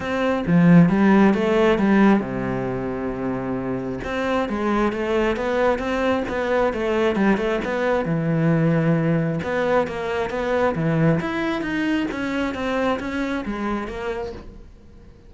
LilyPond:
\new Staff \with { instrumentName = "cello" } { \time 4/4 \tempo 4 = 134 c'4 f4 g4 a4 | g4 c2.~ | c4 c'4 gis4 a4 | b4 c'4 b4 a4 |
g8 a8 b4 e2~ | e4 b4 ais4 b4 | e4 e'4 dis'4 cis'4 | c'4 cis'4 gis4 ais4 | }